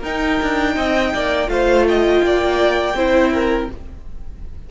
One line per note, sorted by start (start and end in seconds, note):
0.00 0.39 D#4
0.00 1.47 D#4
0.00 0.73 A#4
0.00 1.49 G5
0.42 0.77 D4
0.77 1.13 C4
0.77 1.13 D#5
1.14 1.48 A#3
1.14 1.50 D5
1.47 2.21 A3
1.47 2.93 F4
1.47 1.88 C5
1.47 1.86 F5
1.88 2.25 D#5
1.88 3.71 G5
2.23 2.94 A#3
2.23 2.96 D5
2.94 3.68 C4
2.94 3.70 E4
2.94 3.33 C5
3.33 3.70 A#4